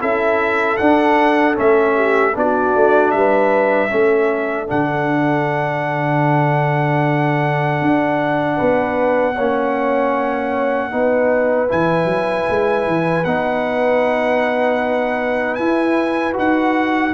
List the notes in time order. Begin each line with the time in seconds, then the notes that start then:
0.00 C#4 E4 A4 E5
0.77 D4 F#5
1.55 A3 C#4 E5
1.95 G4
2.35 B3 D4 F#4 D5
2.75 A3
3.11 G3 B4 E5
3.89 A3 C#4 A4
4.67 D3 D4 F#5
7.81 D4
8.56 B3 B4
9.35 A#3 C#4 C#5
10.91 B3 D#4 B4
11.69 E3 E4 G#5
12.05 F#3
12.50 G#3
12.87 E3
13.24 B3 D#4 F#5
15.55 E4 G#5
16.33 D#4 F#4 F#5